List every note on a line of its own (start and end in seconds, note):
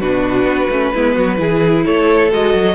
0.00 0.44 B2
0.00 0.70 D4
0.00 0.92 F#4
0.00 1.85 B4
0.44 0.67 B3
0.70 0.93 A3
0.70 0.95 C#4
0.94 1.17 G#3
0.94 1.37 B3
0.94 1.14 E4
1.14 1.39 F#3
1.14 1.37 F#4
1.37 1.85 E3
1.37 2.29 E4
1.37 1.86 G#4
1.85 2.33 A3
1.85 2.75 A4
1.85 2.31 C#5
2.32 2.54 G#3
2.32 2.75 F#4
2.32 2.75 D#5
2.54 2.75 F#3